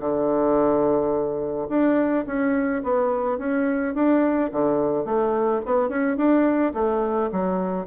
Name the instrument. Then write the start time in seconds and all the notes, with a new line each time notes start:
bassoon
0.00 D3
1.69 D4
2.26 C#4
2.83 B3
3.38 C#4
3.94 D4
4.52 D3
5.05 A3
5.65 B3
5.89 C#4
6.17 D4
6.74 A3
7.32 F#3